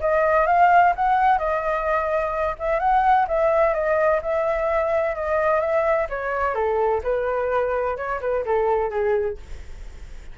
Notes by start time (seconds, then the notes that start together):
0.00 D#5
0.47 F5
0.95 F#5
1.38 D#5
2.59 E5
2.80 F#5
3.28 E5
3.74 D#5
4.22 E5
5.15 D#5
5.60 E5
6.09 C#5
6.54 A4
7.03 B4
7.97 C#5
8.21 B4
8.45 A4
8.90 G#4